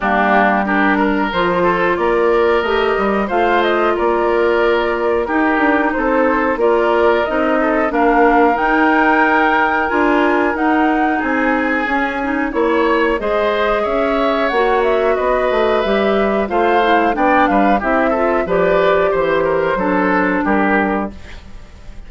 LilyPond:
<<
  \new Staff \with { instrumentName = "flute" } { \time 4/4 \tempo 4 = 91 g'4 ais'4 c''4 d''4 | dis''4 f''8 dis''8 d''2 | ais'4 c''4 d''4 dis''4 | f''4 g''2 gis''4 |
fis''4 gis''2 cis''4 | dis''4 e''4 fis''8 e''8 dis''4 | e''4 f''4 g''8 f''8 e''4 | d''4 c''2 ais'4 | }
  \new Staff \with { instrumentName = "oboe" } { \time 4/4 d'4 g'8 ais'4 a'8 ais'4~ | ais'4 c''4 ais'2 | g'4 a'4 ais'4. a'8 | ais'1~ |
ais'4 gis'2 cis''4 | c''4 cis''2 b'4~ | b'4 c''4 d''8 b'8 g'8 a'8 | b'4 c''8 ais'8 a'4 g'4 | }
  \new Staff \with { instrumentName = "clarinet" } { \time 4/4 ais4 d'4 f'2 | g'4 f'2. | dis'2 f'4 dis'4 | d'4 dis'2 f'4 |
dis'2 cis'8 dis'8 e'4 | gis'2 fis'2 | g'4 f'8 e'8 d'4 e'8 f'8 | g'2 d'2 | }
  \new Staff \with { instrumentName = "bassoon" } { \time 4/4 g2 f4 ais4 | a8 g8 a4 ais2 | dis'8 d'8 c'4 ais4 c'4 | ais4 dis'2 d'4 |
dis'4 c'4 cis'4 ais4 | gis4 cis'4 ais4 b8 a8 | g4 a4 b8 g8 c'4 | f4 e4 fis4 g4 | }
>>